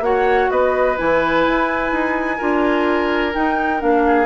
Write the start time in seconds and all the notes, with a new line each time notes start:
0.00 A#3 F#4 C#5 F#5
0.50 B3 B4 D#5
0.96 E3 E4 G#5
1.47 E4
1.92 D#4
2.37 D4 F4 A#4
3.32 D#4 G5
3.79 A#3 D4 F5
4.06 G#4